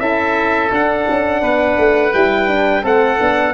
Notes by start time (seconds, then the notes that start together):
0.00 C#4 E4 A4 E5
0.72 D4 F#5
1.10 C#4
1.42 B3 B4
1.78 A3
2.14 G3 E4 G5
2.48 D4
2.82 A3 C4 A4 F#5
3.20 B3 D4